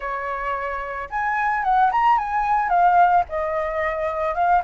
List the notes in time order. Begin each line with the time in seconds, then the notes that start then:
0.00 C#5
1.10 G#5
1.63 F#5
1.91 A#5
2.18 G#5
2.69 F5
3.28 D#5
4.34 F5